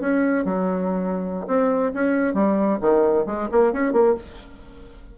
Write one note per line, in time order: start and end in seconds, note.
0.00 0.45 C#4
0.45 1.46 F#3
1.47 1.92 C4
1.94 2.34 C#4
2.34 2.79 G3
2.81 3.26 D#3
3.26 3.49 G#3
3.51 3.73 A#3
3.73 3.93 C#4
3.93 4.15 A#3